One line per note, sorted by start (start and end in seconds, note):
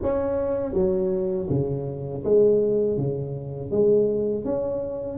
0.02 0.73 C#4
0.73 1.47 F#3
1.49 2.23 C#3
2.24 2.97 G#3
2.97 3.71 C#3
3.71 4.44 G#3
4.44 5.18 C#4